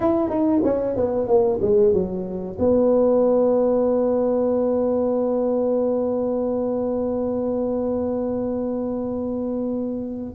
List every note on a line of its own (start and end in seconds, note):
0.00 0.29 E4
0.29 0.61 D#4
0.64 0.95 C#4
0.95 1.27 B3
1.27 1.59 A#3
1.61 1.93 G#3
1.93 2.57 F#3
2.59 10.35 B3